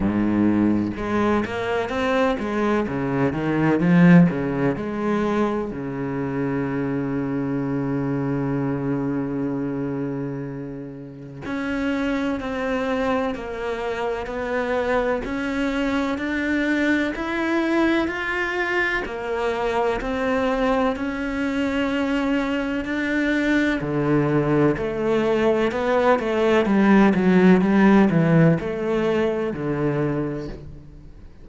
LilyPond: \new Staff \with { instrumentName = "cello" } { \time 4/4 \tempo 4 = 63 gis,4 gis8 ais8 c'8 gis8 cis8 dis8 | f8 cis8 gis4 cis2~ | cis1 | cis'4 c'4 ais4 b4 |
cis'4 d'4 e'4 f'4 | ais4 c'4 cis'2 | d'4 d4 a4 b8 a8 | g8 fis8 g8 e8 a4 d4 | }